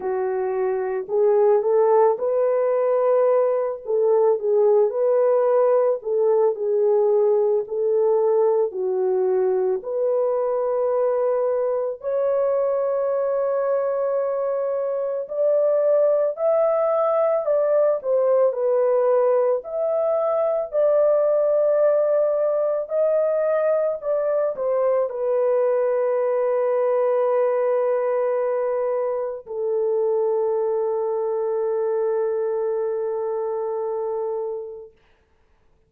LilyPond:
\new Staff \with { instrumentName = "horn" } { \time 4/4 \tempo 4 = 55 fis'4 gis'8 a'8 b'4. a'8 | gis'8 b'4 a'8 gis'4 a'4 | fis'4 b'2 cis''4~ | cis''2 d''4 e''4 |
d''8 c''8 b'4 e''4 d''4~ | d''4 dis''4 d''8 c''8 b'4~ | b'2. a'4~ | a'1 | }